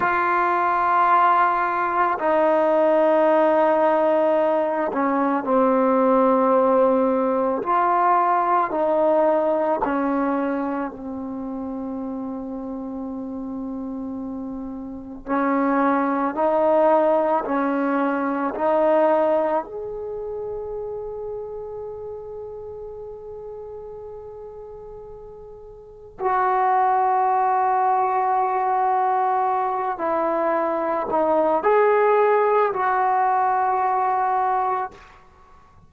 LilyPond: \new Staff \with { instrumentName = "trombone" } { \time 4/4 \tempo 4 = 55 f'2 dis'2~ | dis'8 cis'8 c'2 f'4 | dis'4 cis'4 c'2~ | c'2 cis'4 dis'4 |
cis'4 dis'4 gis'2~ | gis'1 | fis'2.~ fis'8 e'8~ | e'8 dis'8 gis'4 fis'2 | }